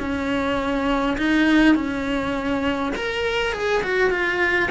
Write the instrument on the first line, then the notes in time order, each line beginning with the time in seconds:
cello
0.00 C#4
1.18 D#4
1.76 C#4
2.96 A#4
3.53 G#4
3.84 F#4
4.11 F4